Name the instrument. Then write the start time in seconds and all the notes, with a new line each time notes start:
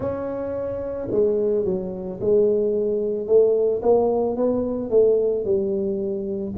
tuba
0.00 C#4
1.11 G#3
1.65 F#3
2.20 G#3
3.27 A3
3.82 A#3
4.36 B3
4.90 A3
5.44 G3